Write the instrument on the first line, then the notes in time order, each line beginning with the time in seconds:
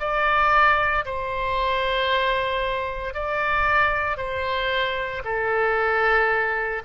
oboe
0.00 D5
1.06 C5
3.15 D5
4.18 C5
5.25 A4